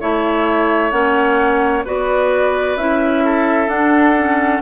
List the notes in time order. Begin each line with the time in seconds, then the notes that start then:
0.00 A3 E4 C#5 E5
0.90 A#3 C#4 F#5
1.85 B3 F#4 B4 D5
2.76 C#4 E4 E5
3.24 A4
3.67 D4 F#5
4.17 C#4